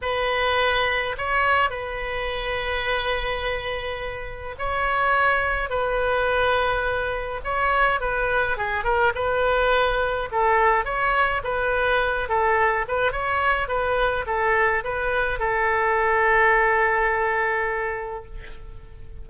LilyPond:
\new Staff \with { instrumentName = "oboe" } { \time 4/4 \tempo 4 = 105 b'2 cis''4 b'4~ | b'1 | cis''2 b'2~ | b'4 cis''4 b'4 gis'8 ais'8 |
b'2 a'4 cis''4 | b'4. a'4 b'8 cis''4 | b'4 a'4 b'4 a'4~ | a'1 | }